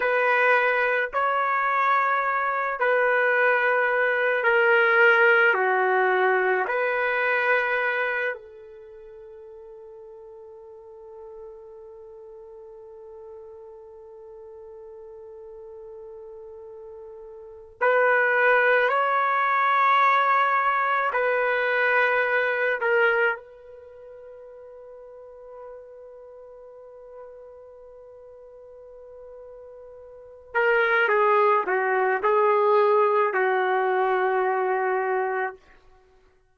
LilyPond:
\new Staff \with { instrumentName = "trumpet" } { \time 4/4 \tempo 4 = 54 b'4 cis''4. b'4. | ais'4 fis'4 b'4. a'8~ | a'1~ | a'1 |
b'4 cis''2 b'4~ | b'8 ais'8 b'2.~ | b'2.~ b'8 ais'8 | gis'8 fis'8 gis'4 fis'2 | }